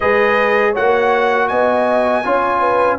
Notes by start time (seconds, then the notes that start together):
0.00 G#3 G#4 B4 D#5
0.71 A#3 F#4 C#5 F#5
1.48 B3 D#5 G#5
2.24 C#4 F4 C#5
2.60 B4